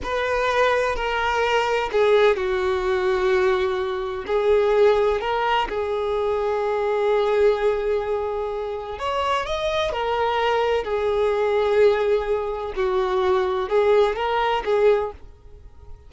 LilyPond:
\new Staff \with { instrumentName = "violin" } { \time 4/4 \tempo 4 = 127 b'2 ais'2 | gis'4 fis'2.~ | fis'4 gis'2 ais'4 | gis'1~ |
gis'2. cis''4 | dis''4 ais'2 gis'4~ | gis'2. fis'4~ | fis'4 gis'4 ais'4 gis'4 | }